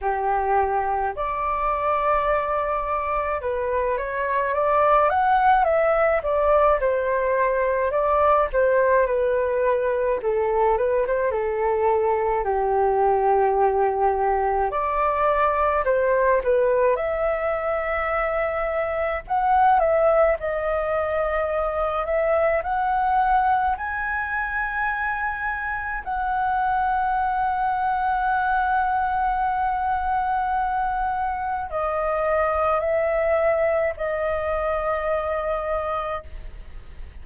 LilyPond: \new Staff \with { instrumentName = "flute" } { \time 4/4 \tempo 4 = 53 g'4 d''2 b'8 cis''8 | d''8 fis''8 e''8 d''8 c''4 d''8 c''8 | b'4 a'8 b'16 c''16 a'4 g'4~ | g'4 d''4 c''8 b'8 e''4~ |
e''4 fis''8 e''8 dis''4. e''8 | fis''4 gis''2 fis''4~ | fis''1 | dis''4 e''4 dis''2 | }